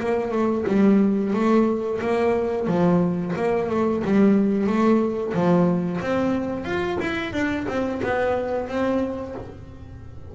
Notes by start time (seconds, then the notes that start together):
0.00 A#3
0.32 A3
0.67 G3
1.34 A3
2.01 A#3
2.67 F3
3.36 A#3
3.69 A3
4.05 G3
4.67 A3
5.34 F3
6.01 C4
6.65 F4
7.00 E4
7.33 D4
7.68 C4
8.02 B3
8.68 C4